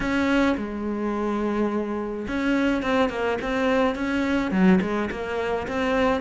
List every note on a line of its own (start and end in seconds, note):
0.00 0.56 C#4
0.57 2.26 G#3
2.27 2.82 C#4
2.82 3.09 C4
3.09 3.38 A#3
3.41 3.95 C4
3.95 4.51 C#4
4.51 4.79 F#3
4.81 5.09 G#3
5.10 5.67 A#3
5.67 6.21 C4